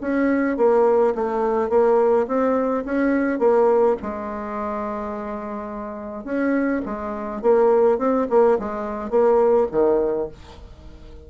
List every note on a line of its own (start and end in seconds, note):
0.00 0.57 C#4
0.57 1.14 A#3
1.15 1.69 A3
1.69 2.26 A#3
2.27 2.84 C4
2.85 3.38 C#4
3.38 3.96 A#3
4.02 6.24 G#3
6.24 6.81 C#4
6.85 7.41 G#3
7.41 7.98 A#3
7.98 8.26 C4
8.29 8.58 A#3
8.59 9.10 G#3
9.10 9.67 A#3
9.71 10.28 D#3